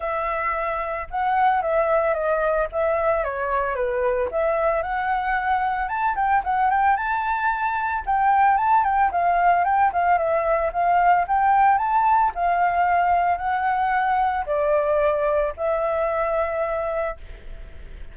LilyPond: \new Staff \with { instrumentName = "flute" } { \time 4/4 \tempo 4 = 112 e''2 fis''4 e''4 | dis''4 e''4 cis''4 b'4 | e''4 fis''2 a''8 g''8 | fis''8 g''8 a''2 g''4 |
a''8 g''8 f''4 g''8 f''8 e''4 | f''4 g''4 a''4 f''4~ | f''4 fis''2 d''4~ | d''4 e''2. | }